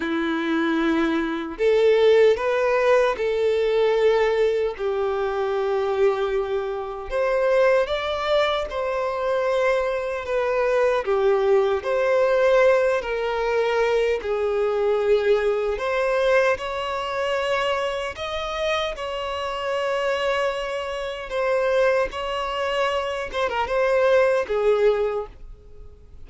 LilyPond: \new Staff \with { instrumentName = "violin" } { \time 4/4 \tempo 4 = 76 e'2 a'4 b'4 | a'2 g'2~ | g'4 c''4 d''4 c''4~ | c''4 b'4 g'4 c''4~ |
c''8 ais'4. gis'2 | c''4 cis''2 dis''4 | cis''2. c''4 | cis''4. c''16 ais'16 c''4 gis'4 | }